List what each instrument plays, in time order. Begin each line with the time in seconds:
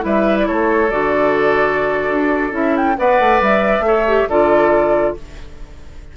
0.00 bassoon G3, clarinet E4, oboe B4, flute E5
0.38 flute D5
0.46 bassoon A3, oboe A4, flute C#5
0.90 bassoon D3, clarinet F#4, flute D5
2.09 bassoon D4
2.51 bassoon C#4, clarinet E4, flute E5
2.76 flute G5
2.97 bassoon B3, clarinet B4, oboe D5, flute F#5
3.19 bassoon A3
3.40 bassoon G3, flute E5
3.79 bassoon A3, clarinet A4
3.86 oboe C#5
4.07 clarinet G4
4.28 bassoon D3, clarinet F4, oboe A4, flute D5